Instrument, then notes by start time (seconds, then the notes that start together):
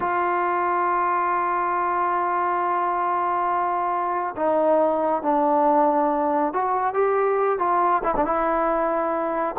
trombone
0.00 F4
4.36 D#4
5.22 D4
6.53 F#4
6.93 G4
7.58 F4
8.03 E4
8.16 D4
8.25 E4